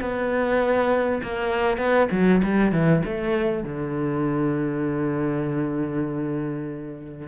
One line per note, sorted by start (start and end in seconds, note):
0.00 1.21 B3
1.22 1.77 A#3
1.77 2.08 B3
2.11 2.41 F#3
2.43 2.72 G3
2.72 3.02 E3
3.05 3.63 A3
3.63 7.27 D3